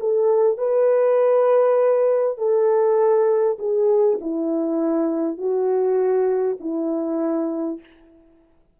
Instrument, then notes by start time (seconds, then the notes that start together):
horn
0.00 A4
0.58 B4
2.38 A4
3.58 G#4
4.21 E4
5.37 F#4
6.60 E4